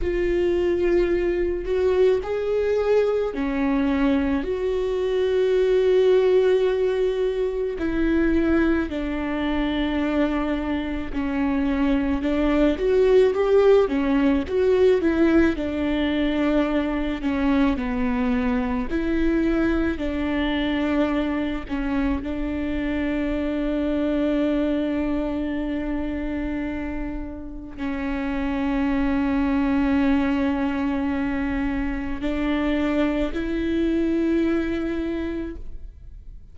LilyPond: \new Staff \with { instrumentName = "viola" } { \time 4/4 \tempo 4 = 54 f'4. fis'8 gis'4 cis'4 | fis'2. e'4 | d'2 cis'4 d'8 fis'8 | g'8 cis'8 fis'8 e'8 d'4. cis'8 |
b4 e'4 d'4. cis'8 | d'1~ | d'4 cis'2.~ | cis'4 d'4 e'2 | }